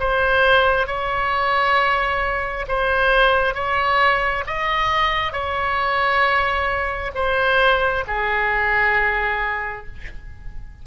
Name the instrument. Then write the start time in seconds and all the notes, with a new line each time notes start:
oboe
0.00 C5
0.87 C#5
2.68 C5
3.55 C#5
4.47 D#5
5.33 C#5
7.15 C5
8.08 G#4